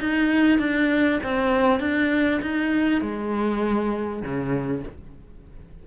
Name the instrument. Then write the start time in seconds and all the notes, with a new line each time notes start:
cello
0.00 D#4
0.59 D4
1.23 C4
1.80 D4
2.42 D#4
3.02 G#3
4.23 C#3